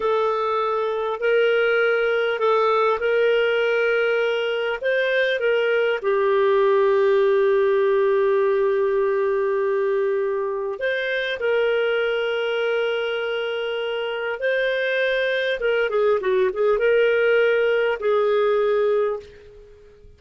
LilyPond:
\new Staff \with { instrumentName = "clarinet" } { \time 4/4 \tempo 4 = 100 a'2 ais'2 | a'4 ais'2. | c''4 ais'4 g'2~ | g'1~ |
g'2 c''4 ais'4~ | ais'1 | c''2 ais'8 gis'8 fis'8 gis'8 | ais'2 gis'2 | }